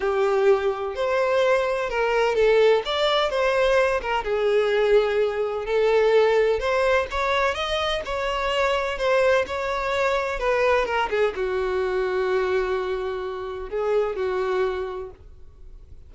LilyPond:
\new Staff \with { instrumentName = "violin" } { \time 4/4 \tempo 4 = 127 g'2 c''2 | ais'4 a'4 d''4 c''4~ | c''8 ais'8 gis'2. | a'2 c''4 cis''4 |
dis''4 cis''2 c''4 | cis''2 b'4 ais'8 gis'8 | fis'1~ | fis'4 gis'4 fis'2 | }